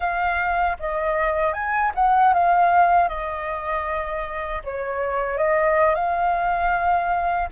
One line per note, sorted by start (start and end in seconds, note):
0.00 0.77 F5
0.79 1.53 D#5
1.53 1.91 G#5
1.94 2.33 F#5
2.33 3.08 F5
3.08 4.62 D#5
4.64 5.37 C#5
5.37 5.94 D#5
5.94 7.48 F5